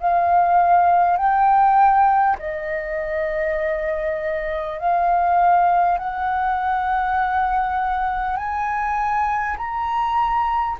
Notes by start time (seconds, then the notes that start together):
0.00 F5
1.17 G5
2.38 D#5
4.79 F5
5.98 F#5
8.37 G#5
9.57 A#5